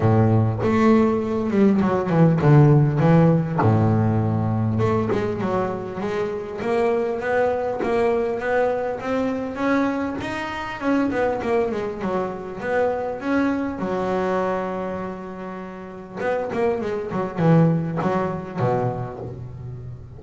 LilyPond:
\new Staff \with { instrumentName = "double bass" } { \time 4/4 \tempo 4 = 100 a,4 a4. g8 fis8 e8 | d4 e4 a,2 | a8 gis8 fis4 gis4 ais4 | b4 ais4 b4 c'4 |
cis'4 dis'4 cis'8 b8 ais8 gis8 | fis4 b4 cis'4 fis4~ | fis2. b8 ais8 | gis8 fis8 e4 fis4 b,4 | }